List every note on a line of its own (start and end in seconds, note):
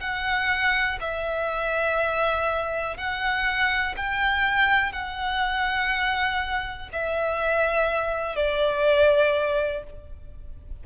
0.00 0.98 F#5
1.00 2.96 E5
2.96 3.95 F#5
3.96 4.92 G5
4.92 6.89 F#5
6.92 8.36 E5
8.36 9.83 D5